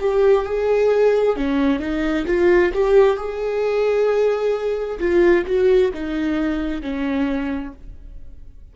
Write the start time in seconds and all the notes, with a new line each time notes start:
0.00 G4
0.45 G#4
1.36 C#4
1.80 D#4
2.27 F4
2.74 G4
3.17 G#4
5.00 F4
5.46 F#4
5.93 D#4
6.82 C#4